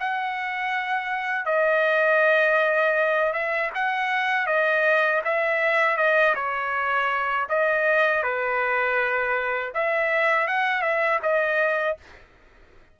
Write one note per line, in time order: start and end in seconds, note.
0.00 1.46 F#5
1.46 3.33 D#5
3.33 3.71 E5
3.75 4.47 F#5
4.47 5.22 D#5
5.25 5.97 E5
5.97 6.35 D#5
6.35 7.48 C#5
7.49 8.23 D#5
8.23 9.73 B4
9.74 10.48 E5
10.48 10.82 F#5
10.82 11.20 E5
11.23 11.98 D#5